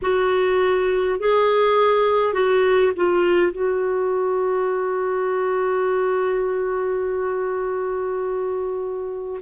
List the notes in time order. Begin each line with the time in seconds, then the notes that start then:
0.02 F#4
1.19 G#4
2.33 F#4
2.96 F4
3.52 F#4